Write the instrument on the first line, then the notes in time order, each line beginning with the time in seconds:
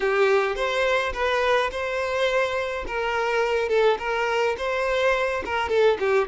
violin
0.00 G4
0.55 C5
1.13 B4
1.71 C5
2.87 A#4
3.69 A4
3.98 A#4
4.57 C5
5.45 A#4
5.69 A4
5.99 G4